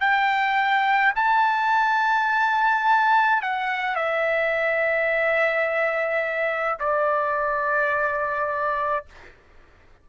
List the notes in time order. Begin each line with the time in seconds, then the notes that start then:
0.00 G5
1.16 A5
3.42 F#5
3.96 E5
6.79 D5